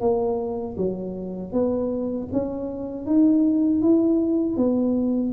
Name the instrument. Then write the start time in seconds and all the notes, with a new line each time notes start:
tuba
0.00 A#3
0.77 F#3
1.52 B3
2.32 C#4
3.06 D#4
3.81 E4
4.56 B3